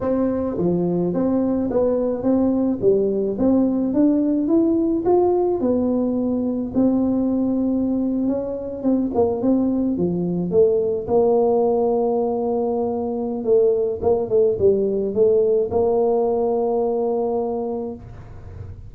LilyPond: \new Staff \with { instrumentName = "tuba" } { \time 4/4 \tempo 4 = 107 c'4 f4 c'4 b4 | c'4 g4 c'4 d'4 | e'4 f'4 b2 | c'2~ c'8. cis'4 c'16~ |
c'16 ais8 c'4 f4 a4 ais16~ | ais1 | a4 ais8 a8 g4 a4 | ais1 | }